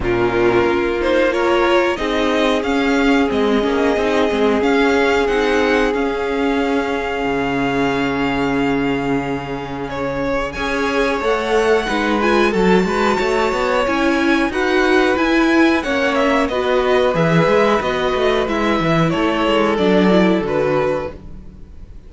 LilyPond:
<<
  \new Staff \with { instrumentName = "violin" } { \time 4/4 \tempo 4 = 91 ais'4. c''8 cis''4 dis''4 | f''4 dis''2 f''4 | fis''4 f''2.~ | f''2. cis''4 |
gis''4 fis''4. gis''8 a''4~ | a''4 gis''4 fis''4 gis''4 | fis''8 e''8 dis''4 e''4 dis''4 | e''4 cis''4 d''4 b'4 | }
  \new Staff \with { instrumentName = "violin" } { \time 4/4 f'2 ais'4 gis'4~ | gis'1~ | gis'1~ | gis'1 |
cis''2 b'4 a'8 b'8 | cis''2 b'2 | cis''4 b'2.~ | b'4 a'2. | }
  \new Staff \with { instrumentName = "viola" } { \time 4/4 cis'4. dis'8 f'4 dis'4 | cis'4 c'8 cis'8 dis'8 c'8 cis'4 | dis'4 cis'2.~ | cis'1 |
gis'4 a'4 dis'8 f'8 fis'4~ | fis'4 e'4 fis'4 e'4 | cis'4 fis'4 gis'4 fis'4 | e'2 d'8 e'8 fis'4 | }
  \new Staff \with { instrumentName = "cello" } { \time 4/4 ais,4 ais2 c'4 | cis'4 gis8 ais8 c'8 gis8 cis'4 | c'4 cis'2 cis4~ | cis1 |
cis'4 a4 gis4 fis8 gis8 | a8 b8 cis'4 dis'4 e'4 | ais4 b4 e8 gis8 b8 a8 | gis8 e8 a8 gis8 fis4 d4 | }
>>